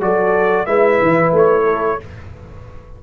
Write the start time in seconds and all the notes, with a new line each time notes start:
0.00 F#3 F#4 A4 D5
0.66 G#3 E4 B4 E5
1.01 E3
1.32 A3 C#5
1.63 A4